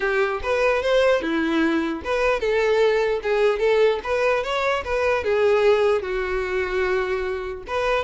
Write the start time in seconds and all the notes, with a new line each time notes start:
0.00 G4
0.42 B4
0.82 C5
1.22 E4
2.04 B4
2.40 A4
3.22 G#4
3.59 A4
4.03 B4
4.43 C#5
4.84 B4
5.23 G#4
6.02 F#4
7.67 B4